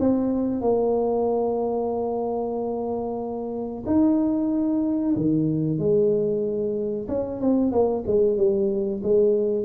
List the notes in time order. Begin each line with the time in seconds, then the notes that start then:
0.00 C4
0.62 A#3
3.86 D#4
5.16 D#3
5.79 G#3
7.09 C#4
7.41 C4
7.72 A#3
8.07 G#3
8.37 G3
9.03 G#3